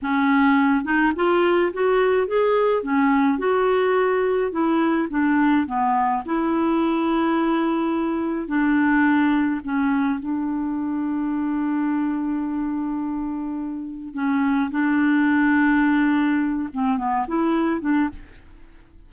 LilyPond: \new Staff \with { instrumentName = "clarinet" } { \time 4/4 \tempo 4 = 106 cis'4. dis'8 f'4 fis'4 | gis'4 cis'4 fis'2 | e'4 d'4 b4 e'4~ | e'2. d'4~ |
d'4 cis'4 d'2~ | d'1~ | d'4 cis'4 d'2~ | d'4. c'8 b8 e'4 d'8 | }